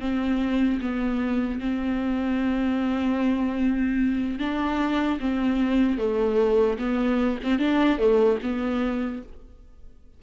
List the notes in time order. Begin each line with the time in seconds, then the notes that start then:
0.00 C4
0.81 B3
1.59 C4
4.39 D4
5.20 C4
5.98 A3
6.78 B3
7.43 C4
7.59 D4
7.99 A3
8.43 B3